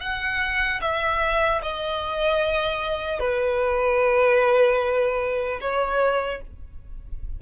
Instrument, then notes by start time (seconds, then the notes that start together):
violin
0.00 F#5
0.81 E5
1.62 D#5
3.19 B4
5.60 C#5